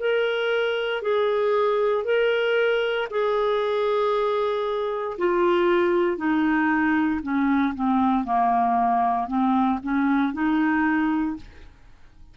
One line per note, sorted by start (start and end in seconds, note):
0.00 1.03 A#4
1.03 2.05 G#4
2.05 3.08 A#4
3.10 5.17 G#4
5.18 6.17 F4
6.17 7.21 D#4
7.23 7.74 C#4
7.75 8.24 C4
8.24 9.28 A#3
9.28 9.79 C4
9.83 10.34 C#4
10.34 11.37 D#4